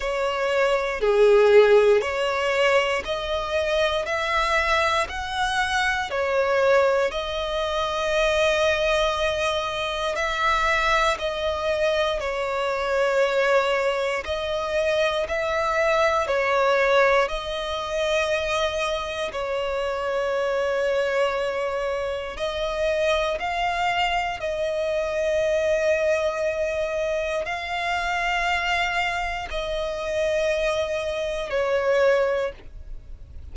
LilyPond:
\new Staff \with { instrumentName = "violin" } { \time 4/4 \tempo 4 = 59 cis''4 gis'4 cis''4 dis''4 | e''4 fis''4 cis''4 dis''4~ | dis''2 e''4 dis''4 | cis''2 dis''4 e''4 |
cis''4 dis''2 cis''4~ | cis''2 dis''4 f''4 | dis''2. f''4~ | f''4 dis''2 cis''4 | }